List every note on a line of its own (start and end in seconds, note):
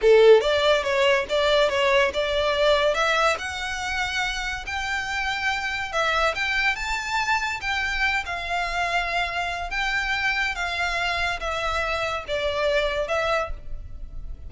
0.01 0.41 A4
0.41 0.83 D5
0.83 1.25 C#5
1.29 1.69 D5
1.69 2.11 C#5
2.13 2.94 D5
2.94 3.36 E5
3.38 4.65 F#5
4.66 5.92 G5
5.92 6.34 E5
6.34 6.75 G5
6.75 7.60 A5
7.60 8.24 G5
8.25 9.70 F5
9.70 10.55 G5
10.55 11.39 F5
11.40 12.24 E5
12.27 13.08 D5
13.08 13.50 E5